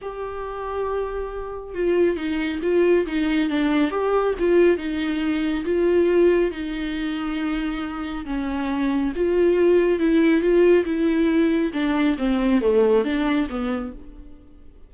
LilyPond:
\new Staff \with { instrumentName = "viola" } { \time 4/4 \tempo 4 = 138 g'1 | f'4 dis'4 f'4 dis'4 | d'4 g'4 f'4 dis'4~ | dis'4 f'2 dis'4~ |
dis'2. cis'4~ | cis'4 f'2 e'4 | f'4 e'2 d'4 | c'4 a4 d'4 b4 | }